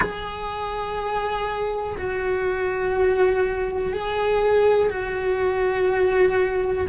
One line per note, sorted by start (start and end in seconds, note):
0.00 1.97 G#4
1.97 3.93 F#4
3.93 4.89 G#4
4.89 6.86 F#4